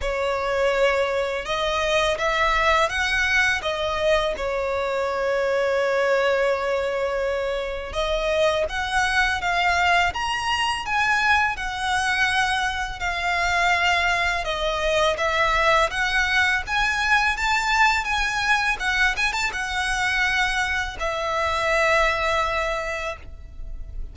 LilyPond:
\new Staff \with { instrumentName = "violin" } { \time 4/4 \tempo 4 = 83 cis''2 dis''4 e''4 | fis''4 dis''4 cis''2~ | cis''2. dis''4 | fis''4 f''4 ais''4 gis''4 |
fis''2 f''2 | dis''4 e''4 fis''4 gis''4 | a''4 gis''4 fis''8 gis''16 a''16 fis''4~ | fis''4 e''2. | }